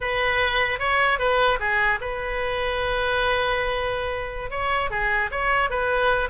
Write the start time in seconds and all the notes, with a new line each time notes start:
0.01 B4
0.79 C#5
1.18 B4
1.59 G#4
2.01 B4
4.50 C#5
4.90 G#4
5.31 C#5
5.69 B4